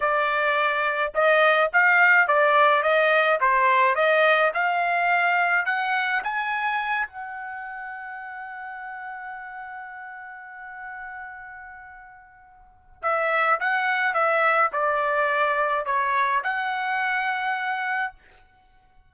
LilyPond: \new Staff \with { instrumentName = "trumpet" } { \time 4/4 \tempo 4 = 106 d''2 dis''4 f''4 | d''4 dis''4 c''4 dis''4 | f''2 fis''4 gis''4~ | gis''8 fis''2.~ fis''8~ |
fis''1~ | fis''2. e''4 | fis''4 e''4 d''2 | cis''4 fis''2. | }